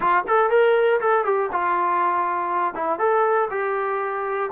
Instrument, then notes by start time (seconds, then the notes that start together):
trombone
0.00 F4
0.27 A4
0.50 A#4
1.00 A4
1.25 G4
1.52 F4
2.74 E4
2.98 A4
3.50 G4